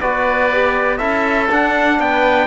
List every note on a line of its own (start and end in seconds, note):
0.00 1.00 B3
0.00 0.51 F#4
0.00 0.98 B4
0.00 0.97 D5
0.52 0.99 G4
0.97 1.49 C#4
0.97 1.48 E4
0.97 1.97 A4
0.97 1.47 E5
1.50 2.47 D4
1.50 1.99 D4
1.50 2.00 F#5
1.99 2.47 B3
1.99 2.47 B4
1.99 2.47 G5